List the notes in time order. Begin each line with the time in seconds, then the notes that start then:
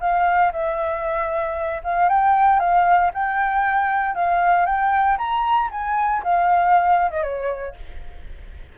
0.00 F5
0.52 E5
1.84 F5
2.09 G5
2.59 F5
3.14 G5
4.15 F5
4.66 G5
5.18 A#5
5.71 G#5
6.23 F5
7.11 D#5
7.23 C#5